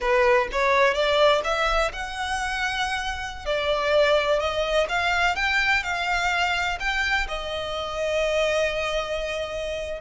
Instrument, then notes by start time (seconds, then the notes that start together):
violin
0.00 B4
0.52 C#5
0.94 D5
1.44 E5
1.92 F#5
3.45 D5
4.39 D#5
4.88 F5
5.35 G5
5.83 F5
6.79 G5
7.28 D#5